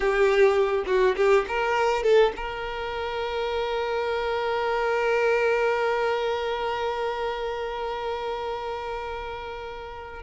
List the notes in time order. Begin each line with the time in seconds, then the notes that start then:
0.00 G4
0.86 F#4
1.16 G4
1.47 A#4
2.03 A4
2.36 A#4